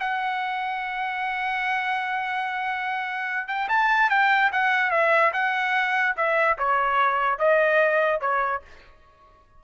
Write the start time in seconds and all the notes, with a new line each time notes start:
0.00 F#5
3.48 G5
3.69 A5
4.10 G5
4.52 F#5
4.91 E5
5.33 F#5
6.17 E5
6.58 C#5
7.39 D#5
8.21 C#5